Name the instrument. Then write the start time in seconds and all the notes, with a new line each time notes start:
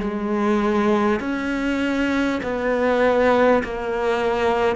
cello
0.00 G#3
1.20 C#4
2.43 B3
3.64 A#3